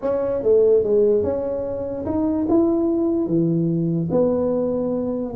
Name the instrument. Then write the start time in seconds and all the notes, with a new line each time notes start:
tuba
0.01 C#4
0.43 A3
0.83 G#3
1.23 C#4
2.05 D#4
2.49 E4
3.26 E3
4.11 B3